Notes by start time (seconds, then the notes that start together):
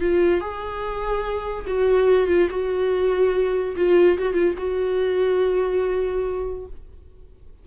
0.00 F4
0.40 G#4
1.66 F#4
2.27 F4
2.50 F#4
3.76 F4
4.18 F#4
4.34 F4
4.57 F#4